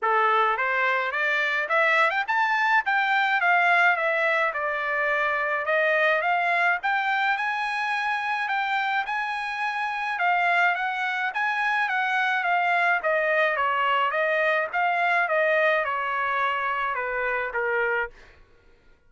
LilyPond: \new Staff \with { instrumentName = "trumpet" } { \time 4/4 \tempo 4 = 106 a'4 c''4 d''4 e''8. g''16 | a''4 g''4 f''4 e''4 | d''2 dis''4 f''4 | g''4 gis''2 g''4 |
gis''2 f''4 fis''4 | gis''4 fis''4 f''4 dis''4 | cis''4 dis''4 f''4 dis''4 | cis''2 b'4 ais'4 | }